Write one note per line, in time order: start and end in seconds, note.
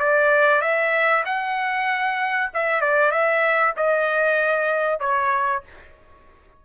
0.00 0.62 D5
0.62 1.24 E5
1.26 2.51 F#5
2.54 2.81 E5
2.81 3.12 D5
3.12 3.74 E5
3.77 5.00 D#5
5.00 5.63 C#5